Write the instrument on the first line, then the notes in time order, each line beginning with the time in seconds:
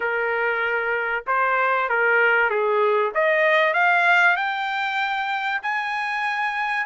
trumpet
0.00 A#4
1.26 C5
1.89 A#4
2.50 G#4
3.14 D#5
3.73 F5
4.36 G5
5.62 G#5